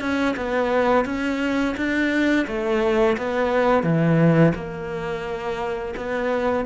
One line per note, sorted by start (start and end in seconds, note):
0.00 0.35 C#4
0.36 1.05 B3
1.05 1.75 C#4
1.76 2.46 D4
2.47 3.16 A3
3.17 3.83 B3
3.83 4.53 E3
4.54 5.94 A#3
5.96 6.65 B3